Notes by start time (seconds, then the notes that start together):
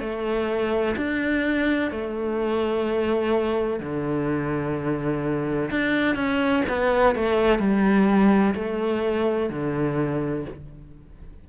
0.00 A3
0.97 D4
1.91 A3
3.80 D3
5.71 D4
6.16 C#4
6.69 B3
7.16 A3
7.59 G3
8.55 A3
9.50 D3